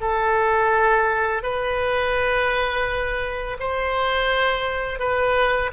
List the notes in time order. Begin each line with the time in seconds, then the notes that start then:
0.00 A4
1.43 B4
3.59 C5
4.99 B4